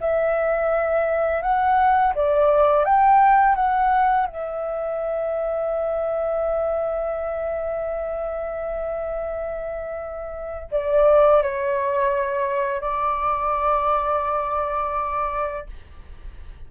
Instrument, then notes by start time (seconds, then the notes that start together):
flute
0.00 E5
1.42 F#5
2.14 D5
2.84 G5
3.55 F#5
4.26 E5
10.71 D5
11.42 C#5
12.81 D5